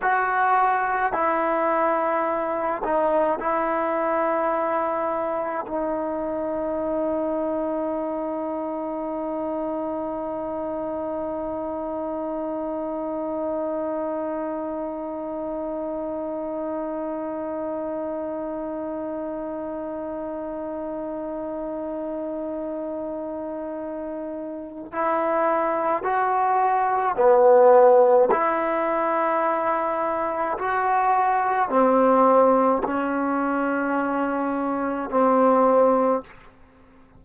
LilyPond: \new Staff \with { instrumentName = "trombone" } { \time 4/4 \tempo 4 = 53 fis'4 e'4. dis'8 e'4~ | e'4 dis'2.~ | dis'1~ | dis'1~ |
dis'1~ | dis'2 e'4 fis'4 | b4 e'2 fis'4 | c'4 cis'2 c'4 | }